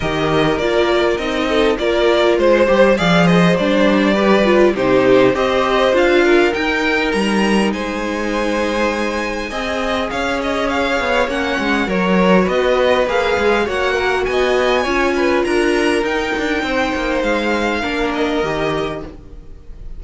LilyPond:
<<
  \new Staff \with { instrumentName = "violin" } { \time 4/4 \tempo 4 = 101 dis''4 d''4 dis''4 d''4 | c''4 f''8 dis''8 d''2 | c''4 dis''4 f''4 g''4 | ais''4 gis''2.~ |
gis''4 f''8 dis''8 f''4 fis''4 | cis''4 dis''4 f''4 fis''4 | gis''2 ais''4 g''4~ | g''4 f''4. dis''4. | }
  \new Staff \with { instrumentName = "violin" } { \time 4/4 ais'2~ ais'8 a'8 ais'4 | c''4 d''8 c''4. b'4 | g'4 c''4. ais'4.~ | ais'4 c''2. |
dis''4 cis''2. | ais'4 b'2 cis''8 ais'8 | dis''4 cis''8 b'8 ais'2 | c''2 ais'2 | }
  \new Staff \with { instrumentName = "viola" } { \time 4/4 g'4 f'4 dis'4 f'4~ | f'8 g'8 gis'4 d'4 g'8 f'8 | dis'4 g'4 f'4 dis'4~ | dis'1 |
gis'2. cis'4 | fis'2 gis'4 fis'4~ | fis'4 f'2 dis'4~ | dis'2 d'4 g'4 | }
  \new Staff \with { instrumentName = "cello" } { \time 4/4 dis4 ais4 c'4 ais4 | gis8 g8 f4 g2 | c4 c'4 d'4 dis'4 | g4 gis2. |
c'4 cis'4. b8 ais8 gis8 | fis4 b4 ais8 gis8 ais4 | b4 cis'4 d'4 dis'8 d'8 | c'8 ais8 gis4 ais4 dis4 | }
>>